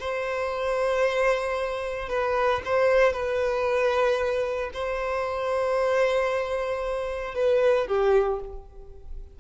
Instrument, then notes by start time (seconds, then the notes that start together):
violin
0.00 C5
2.09 B4
2.65 C5
3.13 B4
4.73 C5
7.34 B4
7.87 G4